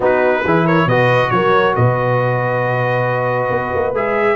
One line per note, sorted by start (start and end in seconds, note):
0.00 0.44 B3
0.00 0.44 D#4
0.00 0.43 F#4
0.00 0.66 B4
0.43 0.85 E3
0.43 0.90 E4
0.43 0.65 G#4
0.65 0.86 A#4
0.65 0.88 C#5
0.85 1.29 B2
0.85 3.95 F#4
0.85 1.31 B4
0.85 1.30 D#5
1.30 1.75 F#3
1.30 1.76 A#4
1.30 1.74 C#5
1.75 3.50 B2
1.75 4.36 B4
1.75 3.94 D#5
3.50 3.71 B3
3.74 3.93 A#3
3.93 4.36 G#3
3.93 4.36 G#4
3.93 4.36 E5